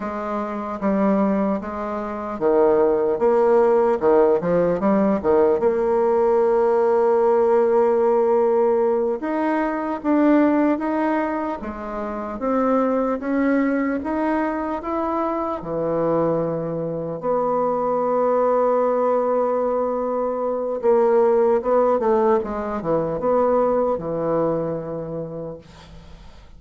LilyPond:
\new Staff \with { instrumentName = "bassoon" } { \time 4/4 \tempo 4 = 75 gis4 g4 gis4 dis4 | ais4 dis8 f8 g8 dis8 ais4~ | ais2.~ ais8 dis'8~ | dis'8 d'4 dis'4 gis4 c'8~ |
c'8 cis'4 dis'4 e'4 e8~ | e4. b2~ b8~ | b2 ais4 b8 a8 | gis8 e8 b4 e2 | }